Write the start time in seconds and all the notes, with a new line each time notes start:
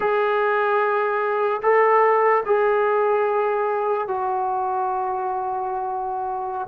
0.00 G#4
1.62 A4
2.45 G#4
4.07 F#4